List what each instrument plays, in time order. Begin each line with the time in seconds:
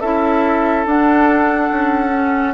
0.00 bassoon C#4, clarinet E4, oboe A4, flute E5
0.86 bassoon D4, clarinet D4, flute F#5
1.71 bassoon C#4
2.12 clarinet C#4